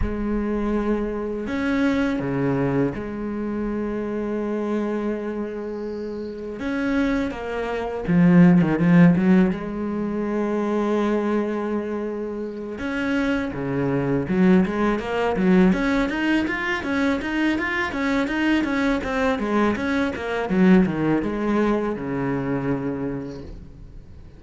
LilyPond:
\new Staff \with { instrumentName = "cello" } { \time 4/4 \tempo 4 = 82 gis2 cis'4 cis4 | gis1~ | gis4 cis'4 ais4 f8. dis16 | f8 fis8 gis2.~ |
gis4. cis'4 cis4 fis8 | gis8 ais8 fis8 cis'8 dis'8 f'8 cis'8 dis'8 | f'8 cis'8 dis'8 cis'8 c'8 gis8 cis'8 ais8 | fis8 dis8 gis4 cis2 | }